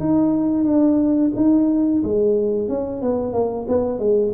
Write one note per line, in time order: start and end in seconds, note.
0.00 0.64 D#4
0.64 1.31 D4
1.36 2.02 D#4
2.04 2.69 G#3
2.69 3.02 C#4
3.02 3.33 B3
3.33 3.66 A#3
3.68 3.99 B3
3.99 4.32 G#3